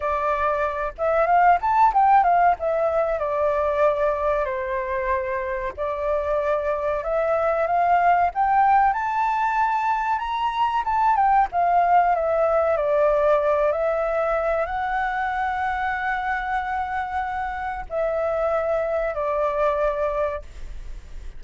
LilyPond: \new Staff \with { instrumentName = "flute" } { \time 4/4 \tempo 4 = 94 d''4. e''8 f''8 a''8 g''8 f''8 | e''4 d''2 c''4~ | c''4 d''2 e''4 | f''4 g''4 a''2 |
ais''4 a''8 g''8 f''4 e''4 | d''4. e''4. fis''4~ | fis''1 | e''2 d''2 | }